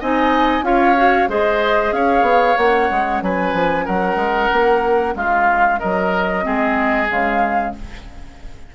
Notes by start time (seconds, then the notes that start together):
0.00 C4 D#4 D#5 G#5
0.62 C#4 F4 C#5 F5
0.96 F#4
1.28 G#3 G#4 C5 D#5
1.92 C#4 C#5 F5
2.22 B3
2.56 A#3 C#4 F#5
2.91 G#3
3.22 F#3 B4 G#5
3.53 F3
3.85 F#3 A#4 F#5
4.16 G#3
4.52 A#3
5.15 G#3 F4 F5
5.79 F#3 A#4 D#5
6.43 G#3 C4 G#4
7.09 C#3 G#3 F5